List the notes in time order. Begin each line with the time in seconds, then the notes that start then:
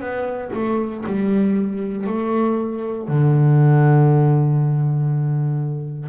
0.00 B3
0.53 A3
1.06 G3
2.07 A3
3.08 D3